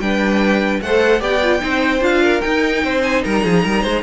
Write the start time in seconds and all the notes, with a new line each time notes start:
0.00 G3 D4 B4 G5
0.81 A3 A4 C5 F#5
1.20 B3 G4 D5 G5
1.43 F4
1.60 C4 D#4 C5
2.01 D4 F4 F5
2.22 A#4
2.41 D#4 G5
2.84 C4 C5
3.03 G#5
3.24 G3 A#4 A#5
3.44 F3 G#4
3.63 G3 A#4
3.82 G#3 C5